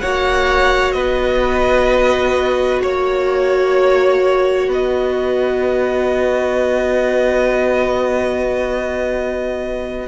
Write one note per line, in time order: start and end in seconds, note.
0.00 0.94 A#3
0.00 10.08 F#4
0.00 0.94 C#5
0.00 0.92 F#5
0.92 2.81 B3
0.92 2.82 B4
0.92 2.79 D#5
2.81 4.68 A#3
2.81 4.70 C#5
2.81 4.69 C#5
4.68 10.07 B3
4.68 10.08 B4
4.68 10.08 D#5